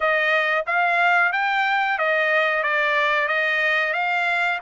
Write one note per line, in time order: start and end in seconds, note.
0.00 0.65 D#5
0.66 1.32 F5
1.32 1.98 G5
1.98 2.63 D#5
2.63 3.28 D5
3.28 3.93 D#5
3.93 4.59 F5